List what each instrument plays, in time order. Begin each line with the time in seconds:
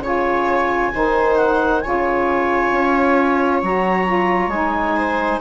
0.00 bassoon C#3, saxophone F4, viola C#5, clarinet G#5
0.93 bassoon D#3, saxophone D#4, viola C5
1.37 clarinet F#5
1.81 bassoon C#3, saxophone F4, viola C#5, clarinet G#5
2.72 bassoon C#4
3.62 bassoon F#3, saxophone F#4, clarinet A#5
4.06 saxophone F4
4.48 bassoon G#3, saxophone D#4, clarinet G#5
4.96 viola C5